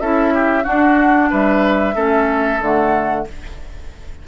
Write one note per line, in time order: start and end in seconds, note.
0.00 0.66 C#4
0.00 0.64 E4
0.00 0.34 A4
0.00 0.64 E5
0.34 0.64 G4
0.64 1.94 D4
0.64 1.32 D4
0.64 1.29 F#4
0.64 1.30 F#5
1.31 1.96 G3
1.31 1.95 B4
1.31 2.62 E5
1.95 2.61 A3
1.95 2.60 C#4
1.95 3.26 A4
2.61 3.26 D3
2.61 3.27 A3
2.61 3.28 F#5